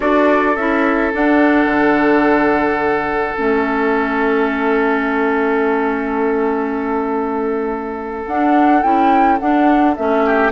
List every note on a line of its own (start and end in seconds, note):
0.00 0.56 D4
0.00 0.54 F#4
0.00 10.23 A4
0.00 0.56 D5
0.56 1.12 C#4
0.56 1.13 E4
0.56 1.12 E5
1.13 3.35 D4
1.13 1.65 D4
1.13 3.35 F#5
1.65 3.33 D3
3.35 8.26 A3
3.35 8.26 C#4
3.35 8.26 E5
8.26 8.82 D4
8.26 8.82 F#5
8.82 9.39 C#4
8.82 9.38 E4
8.82 9.38 G5
9.39 9.96 D4
9.39 9.95 F#5
9.96 10.51 A3
9.96 10.51 C#4
9.96 10.51 E5
10.25 10.51 G4